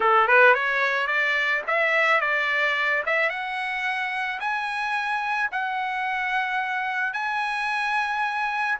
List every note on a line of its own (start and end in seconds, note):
0.00 0.27 A4
0.27 0.54 B4
0.54 1.07 C#5
1.07 1.62 D5
1.67 2.20 E5
2.20 3.03 D5
3.06 3.29 E5
3.29 4.39 F#5
4.40 5.50 G#5
5.51 7.13 F#5
7.13 8.78 G#5